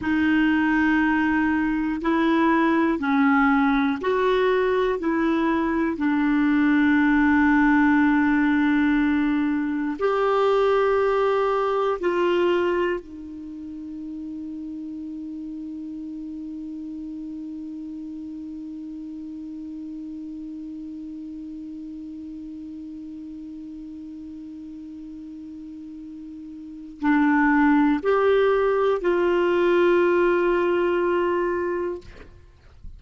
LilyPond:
\new Staff \with { instrumentName = "clarinet" } { \time 4/4 \tempo 4 = 60 dis'2 e'4 cis'4 | fis'4 e'4 d'2~ | d'2 g'2 | f'4 dis'2.~ |
dis'1~ | dis'1~ | dis'2. d'4 | g'4 f'2. | }